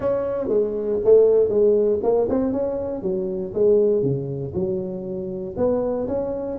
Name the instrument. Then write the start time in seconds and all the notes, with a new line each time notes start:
tuba
0.00 C#4
0.48 G#3
1.04 A3
1.49 G#3
2.02 A#3
2.29 C4
2.52 C#4
3.02 F#3
3.54 G#3
4.02 C#3
4.54 F#3
5.56 B3
6.07 C#4